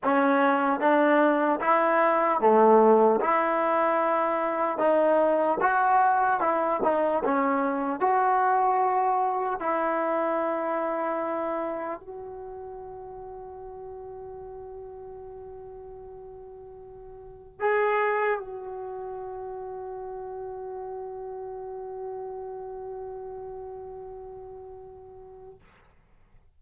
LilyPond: \new Staff \with { instrumentName = "trombone" } { \time 4/4 \tempo 4 = 75 cis'4 d'4 e'4 a4 | e'2 dis'4 fis'4 | e'8 dis'8 cis'4 fis'2 | e'2. fis'4~ |
fis'1~ | fis'2 gis'4 fis'4~ | fis'1~ | fis'1 | }